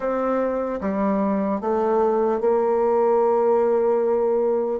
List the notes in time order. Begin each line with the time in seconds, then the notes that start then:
0.00 C4
0.80 G3
1.60 A3
2.40 A#3